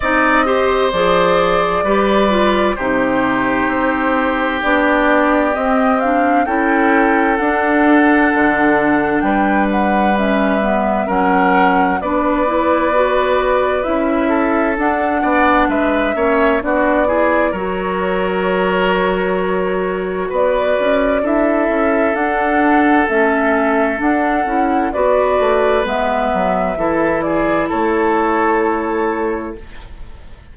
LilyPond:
<<
  \new Staff \with { instrumentName = "flute" } { \time 4/4 \tempo 4 = 65 dis''4 d''2 c''4~ | c''4 d''4 dis''8 f''8 g''4 | fis''2 g''8 fis''8 e''4 | fis''4 d''2 e''4 |
fis''4 e''4 d''4 cis''4~ | cis''2 d''4 e''4 | fis''4 e''4 fis''4 d''4 | e''4. d''8 cis''2 | }
  \new Staff \with { instrumentName = "oboe" } { \time 4/4 d''8 c''4. b'4 g'4~ | g'2. a'4~ | a'2 b'2 | ais'4 b'2~ b'8 a'8~ |
a'8 d''8 b'8 cis''8 fis'8 gis'8 ais'4~ | ais'2 b'4 a'4~ | a'2. b'4~ | b'4 a'8 gis'8 a'2 | }
  \new Staff \with { instrumentName = "clarinet" } { \time 4/4 dis'8 g'8 gis'4 g'8 f'8 dis'4~ | dis'4 d'4 c'8 d'8 e'4 | d'2. cis'8 b8 | cis'4 d'8 e'8 fis'4 e'4 |
d'4. cis'8 d'8 e'8 fis'4~ | fis'2. e'4 | d'4 cis'4 d'8 e'8 fis'4 | b4 e'2. | }
  \new Staff \with { instrumentName = "bassoon" } { \time 4/4 c'4 f4 g4 c4 | c'4 b4 c'4 cis'4 | d'4 d4 g2 | fis4 b2 cis'4 |
d'8 b8 gis8 ais8 b4 fis4~ | fis2 b8 cis'8 d'8 cis'8 | d'4 a4 d'8 cis'8 b8 a8 | gis8 fis8 e4 a2 | }
>>